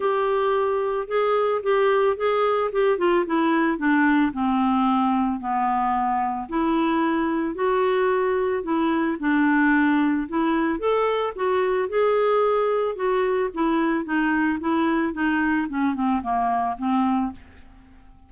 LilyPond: \new Staff \with { instrumentName = "clarinet" } { \time 4/4 \tempo 4 = 111 g'2 gis'4 g'4 | gis'4 g'8 f'8 e'4 d'4 | c'2 b2 | e'2 fis'2 |
e'4 d'2 e'4 | a'4 fis'4 gis'2 | fis'4 e'4 dis'4 e'4 | dis'4 cis'8 c'8 ais4 c'4 | }